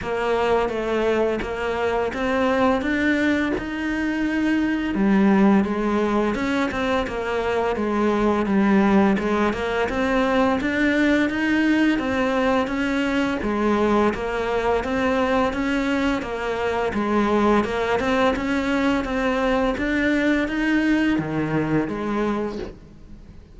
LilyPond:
\new Staff \with { instrumentName = "cello" } { \time 4/4 \tempo 4 = 85 ais4 a4 ais4 c'4 | d'4 dis'2 g4 | gis4 cis'8 c'8 ais4 gis4 | g4 gis8 ais8 c'4 d'4 |
dis'4 c'4 cis'4 gis4 | ais4 c'4 cis'4 ais4 | gis4 ais8 c'8 cis'4 c'4 | d'4 dis'4 dis4 gis4 | }